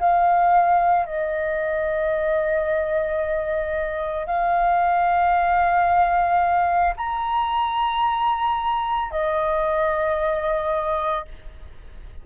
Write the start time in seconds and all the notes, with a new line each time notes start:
0.00 F5
1.06 D#5
4.27 F5
6.96 A#5
9.11 D#5